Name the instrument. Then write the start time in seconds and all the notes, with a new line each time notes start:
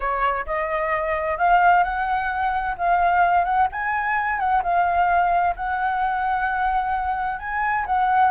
flute
0.00 C#5
0.46 D#5
1.37 F5
1.83 F#5
2.77 F5
3.44 F#5
3.72 G#5
4.39 F#5
4.62 F5
5.56 F#5
7.39 G#5
7.86 F#5